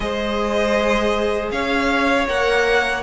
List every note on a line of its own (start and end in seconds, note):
0.00 1.50 G#3
0.00 2.27 G#4
0.00 1.52 C5
0.00 1.49 D#5
1.51 2.27 C#4
1.51 3.02 C#5
1.51 2.27 F5
2.28 3.02 A#3
2.28 3.02 A#4
2.28 3.02 F#5